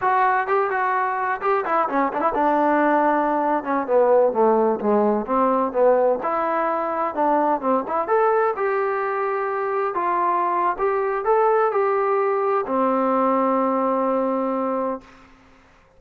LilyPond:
\new Staff \with { instrumentName = "trombone" } { \time 4/4 \tempo 4 = 128 fis'4 g'8 fis'4. g'8 e'8 | cis'8 d'16 e'16 d'2~ d'8. cis'16~ | cis'16 b4 a4 gis4 c'8.~ | c'16 b4 e'2 d'8.~ |
d'16 c'8 e'8 a'4 g'4.~ g'16~ | g'4~ g'16 f'4.~ f'16 g'4 | a'4 g'2 c'4~ | c'1 | }